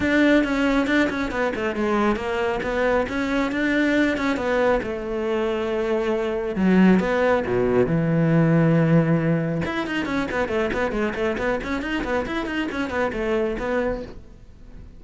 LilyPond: \new Staff \with { instrumentName = "cello" } { \time 4/4 \tempo 4 = 137 d'4 cis'4 d'8 cis'8 b8 a8 | gis4 ais4 b4 cis'4 | d'4. cis'8 b4 a4~ | a2. fis4 |
b4 b,4 e2~ | e2 e'8 dis'8 cis'8 b8 | a8 b8 gis8 a8 b8 cis'8 dis'8 b8 | e'8 dis'8 cis'8 b8 a4 b4 | }